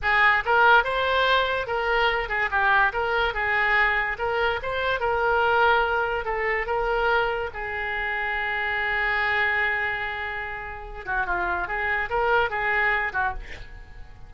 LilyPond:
\new Staff \with { instrumentName = "oboe" } { \time 4/4 \tempo 4 = 144 gis'4 ais'4 c''2 | ais'4. gis'8 g'4 ais'4 | gis'2 ais'4 c''4 | ais'2. a'4 |
ais'2 gis'2~ | gis'1~ | gis'2~ gis'8 fis'8 f'4 | gis'4 ais'4 gis'4. fis'8 | }